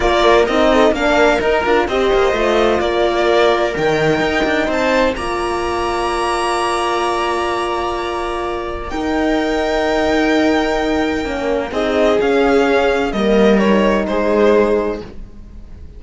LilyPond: <<
  \new Staff \with { instrumentName = "violin" } { \time 4/4 \tempo 4 = 128 d''4 dis''4 f''4 ais'4 | dis''2 d''2 | g''2 a''4 ais''4~ | ais''1~ |
ais''2. g''4~ | g''1~ | g''4 dis''4 f''2 | dis''4 cis''4 c''2 | }
  \new Staff \with { instrumentName = "viola" } { \time 4/4 ais'4. a'8 ais'2 | c''2 ais'2~ | ais'2 c''4 d''4~ | d''1~ |
d''2. ais'4~ | ais'1~ | ais'4 gis'2. | ais'2 gis'2 | }
  \new Staff \with { instrumentName = "horn" } { \time 4/4 f'4 dis'4 d'4 dis'8 f'8 | g'4 f'2. | dis'2. f'4~ | f'1~ |
f'2. dis'4~ | dis'1 | cis'4 dis'4 cis'2 | ais4 dis'2. | }
  \new Staff \with { instrumentName = "cello" } { \time 4/4 ais4 c'4 ais4 dis'8 d'8 | c'8 ais8 a4 ais2 | dis4 dis'8 d'8 c'4 ais4~ | ais1~ |
ais2. dis'4~ | dis'1 | ais4 c'4 cis'2 | g2 gis2 | }
>>